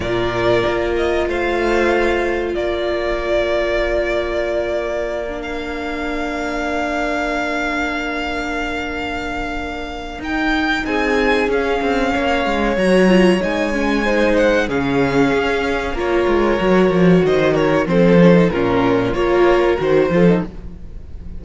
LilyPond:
<<
  \new Staff \with { instrumentName = "violin" } { \time 4/4 \tempo 4 = 94 d''4. dis''8 f''2 | d''1~ | d''8 f''2.~ f''8~ | f''1 |
g''4 gis''4 f''2 | ais''4 gis''4. fis''8 f''4~ | f''4 cis''2 dis''8 cis''8 | c''4 ais'4 cis''4 c''4 | }
  \new Staff \with { instrumentName = "violin" } { \time 4/4 ais'2 c''2 | ais'1~ | ais'1~ | ais'1~ |
ais'4 gis'2 cis''4~ | cis''2 c''4 gis'4~ | gis'4 ais'2 c''8 ais'8 | a'4 f'4 ais'4. a'8 | }
  \new Staff \with { instrumentName = "viola" } { \time 4/4 f'1~ | f'1~ | f'16 d'2.~ d'8.~ | d'1 |
dis'2 cis'2 | fis'8 f'8 dis'8 cis'8 dis'4 cis'4~ | cis'4 f'4 fis'2 | c'8 cis'16 dis'16 cis'4 f'4 fis'8 f'16 dis'16 | }
  \new Staff \with { instrumentName = "cello" } { \time 4/4 ais,4 ais4 a2 | ais1~ | ais1~ | ais1 |
dis'4 c'4 cis'8 c'8 ais8 gis8 | fis4 gis2 cis4 | cis'4 ais8 gis8 fis8 f8 dis4 | f4 ais,4 ais4 dis8 f8 | }
>>